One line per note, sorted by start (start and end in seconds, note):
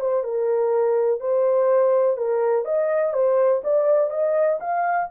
0.00 0.24 C5
0.24 1.20 A#4
1.20 2.17 C5
2.17 2.65 A#4
2.65 3.13 D#5
3.13 3.62 C5
3.63 4.10 D5
4.10 4.58 D#5
4.60 5.08 F5